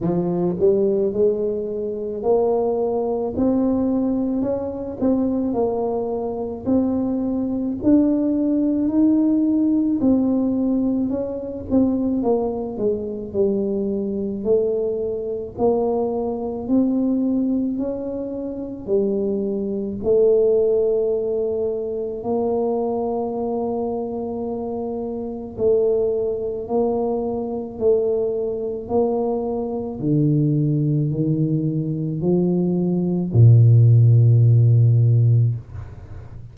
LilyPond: \new Staff \with { instrumentName = "tuba" } { \time 4/4 \tempo 4 = 54 f8 g8 gis4 ais4 c'4 | cis'8 c'8 ais4 c'4 d'4 | dis'4 c'4 cis'8 c'8 ais8 gis8 | g4 a4 ais4 c'4 |
cis'4 g4 a2 | ais2. a4 | ais4 a4 ais4 d4 | dis4 f4 ais,2 | }